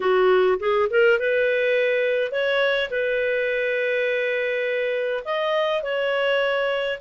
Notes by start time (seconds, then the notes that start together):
0.00 F#4
0.59 G#4
0.89 A#4
1.19 B4
2.31 C#5
2.90 B4
5.24 D#5
5.83 C#5